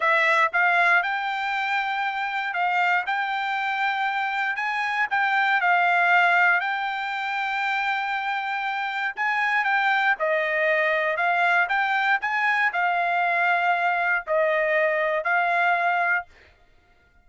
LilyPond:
\new Staff \with { instrumentName = "trumpet" } { \time 4/4 \tempo 4 = 118 e''4 f''4 g''2~ | g''4 f''4 g''2~ | g''4 gis''4 g''4 f''4~ | f''4 g''2.~ |
g''2 gis''4 g''4 | dis''2 f''4 g''4 | gis''4 f''2. | dis''2 f''2 | }